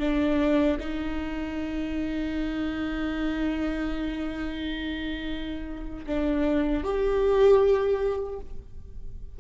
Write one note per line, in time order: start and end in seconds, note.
0.00 0.78 D4
0.80 6.06 D#4
6.07 6.84 D4
6.84 8.40 G4